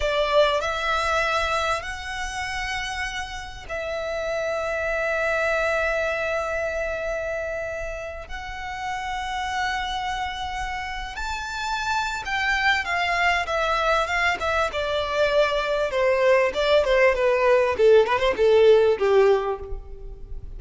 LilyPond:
\new Staff \with { instrumentName = "violin" } { \time 4/4 \tempo 4 = 98 d''4 e''2 fis''4~ | fis''2 e''2~ | e''1~ | e''4. fis''2~ fis''8~ |
fis''2~ fis''16 a''4.~ a''16 | g''4 f''4 e''4 f''8 e''8 | d''2 c''4 d''8 c''8 | b'4 a'8 b'16 c''16 a'4 g'4 | }